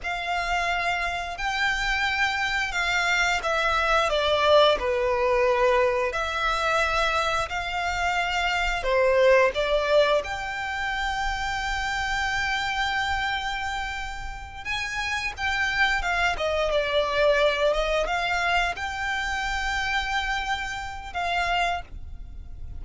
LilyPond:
\new Staff \with { instrumentName = "violin" } { \time 4/4 \tempo 4 = 88 f''2 g''2 | f''4 e''4 d''4 b'4~ | b'4 e''2 f''4~ | f''4 c''4 d''4 g''4~ |
g''1~ | g''4. gis''4 g''4 f''8 | dis''8 d''4. dis''8 f''4 g''8~ | g''2. f''4 | }